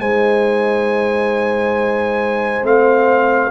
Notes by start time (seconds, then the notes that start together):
0.00 G#3 D#4 C5 G#5
2.62 A3 C4 F5